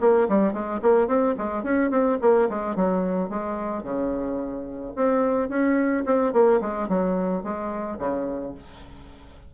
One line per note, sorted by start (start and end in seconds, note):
0.00 0.28 A#3
0.28 0.53 G3
0.53 0.80 G#3
0.82 1.07 A#3
1.07 1.35 C4
1.37 1.63 G#3
1.63 1.90 C#4
1.90 2.18 C4
2.21 2.48 A#3
2.49 2.75 G#3
2.75 3.29 F#3
3.29 3.83 G#3
3.83 4.93 C#3
4.95 5.49 C4
5.49 6.04 C#4
6.06 6.33 C4
6.33 6.60 A#3
6.61 6.88 G#3
6.88 7.43 F#3
7.43 7.98 G#3
7.99 8.54 C#3